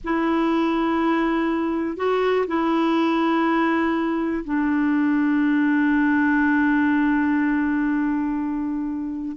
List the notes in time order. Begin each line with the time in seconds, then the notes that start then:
0.04 E4
1.96 F#4
2.47 E4
4.44 D4